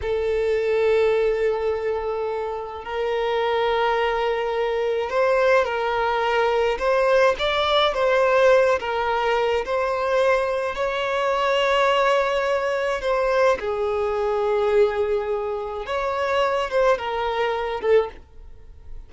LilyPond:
\new Staff \with { instrumentName = "violin" } { \time 4/4 \tempo 4 = 106 a'1~ | a'4 ais'2.~ | ais'4 c''4 ais'2 | c''4 d''4 c''4. ais'8~ |
ais'4 c''2 cis''4~ | cis''2. c''4 | gis'1 | cis''4. c''8 ais'4. a'8 | }